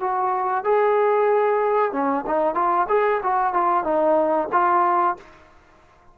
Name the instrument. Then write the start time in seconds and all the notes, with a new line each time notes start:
trombone
0.00 F#4
0.64 G#4
1.92 C#4
2.26 D#4
2.55 F4
2.89 G#4
3.23 F#4
3.53 F4
3.84 D#4
4.52 F4